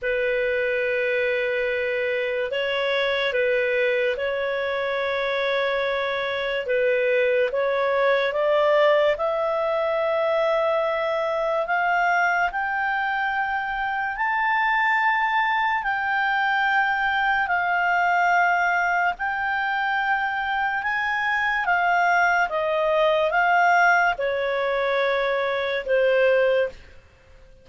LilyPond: \new Staff \with { instrumentName = "clarinet" } { \time 4/4 \tempo 4 = 72 b'2. cis''4 | b'4 cis''2. | b'4 cis''4 d''4 e''4~ | e''2 f''4 g''4~ |
g''4 a''2 g''4~ | g''4 f''2 g''4~ | g''4 gis''4 f''4 dis''4 | f''4 cis''2 c''4 | }